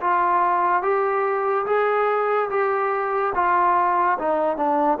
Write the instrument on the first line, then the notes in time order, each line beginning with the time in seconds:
trombone
0.00 F4
0.82 G4
1.66 G#4
2.50 G4
3.34 F4
4.19 D#4
4.56 D4